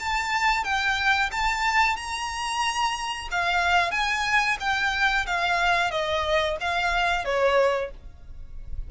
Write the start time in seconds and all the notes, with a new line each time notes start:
0.00 A5
0.64 G5
1.32 A5
1.97 A#5
3.31 F5
3.91 G#5
4.60 G5
5.27 F5
5.91 D#5
6.61 F5
7.25 C#5